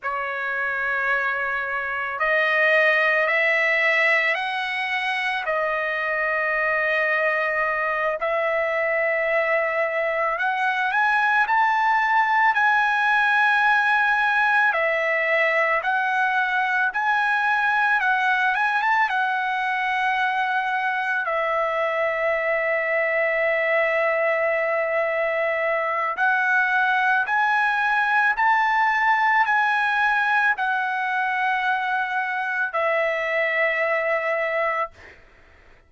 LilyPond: \new Staff \with { instrumentName = "trumpet" } { \time 4/4 \tempo 4 = 55 cis''2 dis''4 e''4 | fis''4 dis''2~ dis''8 e''8~ | e''4. fis''8 gis''8 a''4 gis''8~ | gis''4. e''4 fis''4 gis''8~ |
gis''8 fis''8 gis''16 a''16 fis''2 e''8~ | e''1 | fis''4 gis''4 a''4 gis''4 | fis''2 e''2 | }